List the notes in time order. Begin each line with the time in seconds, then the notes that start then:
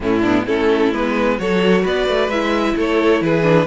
0.00 A2 A3 C#4 E4
0.20 B3 D4
0.46 A3 C#4 E4 A4
0.92 G#3 B3 B4
1.38 F#3 F#4 A4 C#5
1.81 B3 B4 D5
2.08 A3
2.28 G#3 E4 E5
2.76 A3 A4 C#5
3.21 E3 G#4 B4
3.42 D4